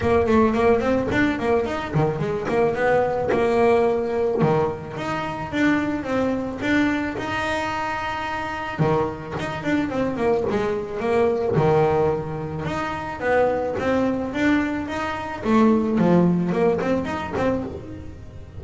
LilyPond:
\new Staff \with { instrumentName = "double bass" } { \time 4/4 \tempo 4 = 109 ais8 a8 ais8 c'8 d'8 ais8 dis'8 dis8 | gis8 ais8 b4 ais2 | dis4 dis'4 d'4 c'4 | d'4 dis'2. |
dis4 dis'8 d'8 c'8 ais8 gis4 | ais4 dis2 dis'4 | b4 c'4 d'4 dis'4 | a4 f4 ais8 c'8 dis'8 c'8 | }